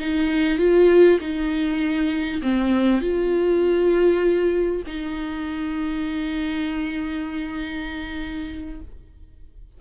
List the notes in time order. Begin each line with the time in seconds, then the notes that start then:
0.00 D#4
0.59 F4
1.21 D#4
2.43 C4
3.01 F4
4.87 D#4